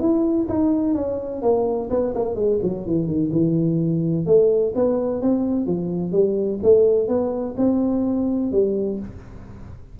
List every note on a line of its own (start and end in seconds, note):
0.00 0.47 E4
0.49 0.95 D#4
0.95 1.42 C#4
1.42 1.89 A#3
1.90 2.14 B3
2.15 2.35 A#3
2.35 2.59 G#3
2.62 2.86 F#3
2.86 3.07 E3
3.07 3.31 D#3
3.32 4.26 E3
4.26 4.73 A3
4.75 5.22 B3
5.22 5.66 C4
5.66 6.12 F3
6.12 6.59 G3
6.63 7.08 A3
7.08 7.55 B3
7.57 8.52 C4
8.52 8.99 G3